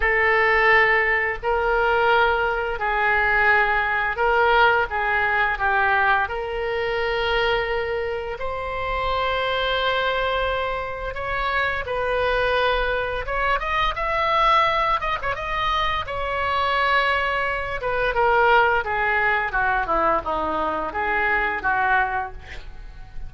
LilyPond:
\new Staff \with { instrumentName = "oboe" } { \time 4/4 \tempo 4 = 86 a'2 ais'2 | gis'2 ais'4 gis'4 | g'4 ais'2. | c''1 |
cis''4 b'2 cis''8 dis''8 | e''4. dis''16 cis''16 dis''4 cis''4~ | cis''4. b'8 ais'4 gis'4 | fis'8 e'8 dis'4 gis'4 fis'4 | }